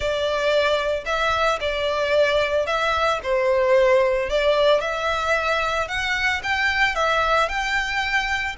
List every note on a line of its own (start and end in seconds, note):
0.00 1.04 D5
1.05 1.59 E5
1.60 2.66 D5
2.66 3.20 E5
3.23 4.29 C5
4.29 4.80 D5
4.80 5.88 E5
5.88 6.41 F#5
6.43 6.95 G5
6.95 7.48 E5
7.49 8.56 G5